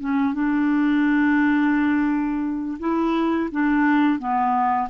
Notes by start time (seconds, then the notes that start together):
0.00 C#4
0.34 D4
2.79 E4
3.51 D4
4.19 B3